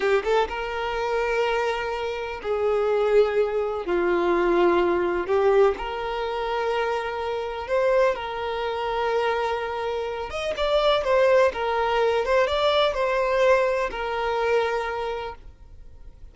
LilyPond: \new Staff \with { instrumentName = "violin" } { \time 4/4 \tempo 4 = 125 g'8 a'8 ais'2.~ | ais'4 gis'2. | f'2. g'4 | ais'1 |
c''4 ais'2.~ | ais'4. dis''8 d''4 c''4 | ais'4. c''8 d''4 c''4~ | c''4 ais'2. | }